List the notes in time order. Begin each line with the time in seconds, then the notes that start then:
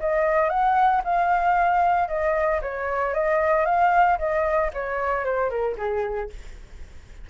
0.00 D#5
0.50 F#5
1.05 F5
2.08 D#5
2.62 C#5
3.14 D#5
3.66 F5
4.19 D#5
4.74 C#5
5.25 C5
5.50 A#4
5.78 G#4